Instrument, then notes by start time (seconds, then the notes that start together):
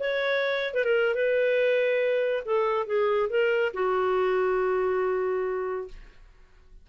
clarinet
0.00 C#5
0.74 B4
0.85 A#4
1.16 B4
2.46 A4
2.87 G#4
3.30 A#4
3.74 F#4